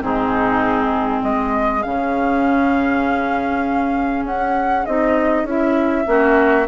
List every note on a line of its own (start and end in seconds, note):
0.00 1.22 G#2
0.00 1.82 C4
0.00 1.25 D#4
0.00 1.23 G#4
1.23 1.84 G#3
1.23 6.08 G#4
1.23 1.82 D#5
1.82 4.24 C#3
1.82 4.87 C#4
1.82 4.25 F5
4.24 4.85 C#4
4.24 4.85 F#5
4.85 5.44 C4
4.85 5.47 D#4
4.85 5.46 D#5
5.44 6.04 C#4
5.44 6.04 E4
5.44 6.68 E5
6.04 6.68 A#3
6.04 6.65 C#4
6.04 6.68 F#4